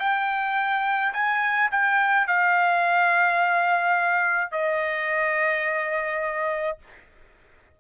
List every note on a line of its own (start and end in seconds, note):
0.00 1.13 G5
1.13 1.70 G#5
1.71 2.27 G5
2.27 4.52 F5
4.52 6.78 D#5